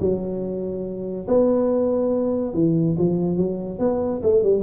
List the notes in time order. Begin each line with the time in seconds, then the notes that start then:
0.00 F#3
1.28 B3
2.54 E3
2.98 F3
3.37 F#3
3.79 B3
4.23 A3
4.43 G3